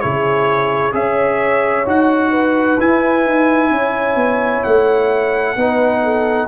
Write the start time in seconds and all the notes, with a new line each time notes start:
0.00 C#3 E4 G#4 C#5
0.92 C#4 G#4 C#5 E5
1.85 D#4 F#4 F#5
2.31 B4
2.79 E4 G#5
3.25 D#4
3.71 C#4 C#5
4.15 B3
4.63 A3 F#5
5.56 B3 D#4 B4
6.03 A4